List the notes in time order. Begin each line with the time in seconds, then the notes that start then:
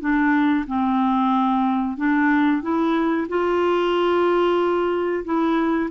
0.00 D4
0.67 C4
1.97 D4
2.62 E4
3.28 F4
5.24 E4